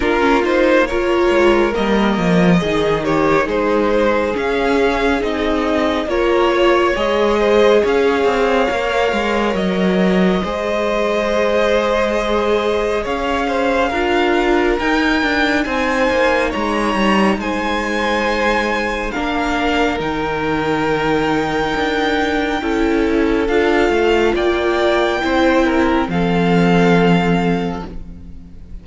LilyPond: <<
  \new Staff \with { instrumentName = "violin" } { \time 4/4 \tempo 4 = 69 ais'8 c''8 cis''4 dis''4. cis''8 | c''4 f''4 dis''4 cis''4 | dis''4 f''2 dis''4~ | dis''2. f''4~ |
f''4 g''4 gis''4 ais''4 | gis''2 f''4 g''4~ | g''2. f''4 | g''2 f''2 | }
  \new Staff \with { instrumentName = "violin" } { \time 4/4 f'4 ais'2 gis'8 g'8 | gis'2. ais'8 cis''8~ | cis''8 c''8 cis''2. | c''2. cis''8 c''8 |
ais'2 c''4 cis''4 | c''2 ais'2~ | ais'2 a'2 | d''4 c''8 ais'8 a'2 | }
  \new Staff \with { instrumentName = "viola" } { \time 4/4 d'16 cis'16 dis'8 f'4 ais4 dis'4~ | dis'4 cis'4 dis'4 f'4 | gis'2 ais'2 | gis'1 |
f'4 dis'2.~ | dis'2 d'4 dis'4~ | dis'2 e'4 f'4~ | f'4 e'4 c'2 | }
  \new Staff \with { instrumentName = "cello" } { \time 4/4 ais4. gis8 g8 f8 dis4 | gis4 cis'4 c'4 ais4 | gis4 cis'8 c'8 ais8 gis8 fis4 | gis2. cis'4 |
d'4 dis'8 d'8 c'8 ais8 gis8 g8 | gis2 ais4 dis4~ | dis4 d'4 cis'4 d'8 a8 | ais4 c'4 f2 | }
>>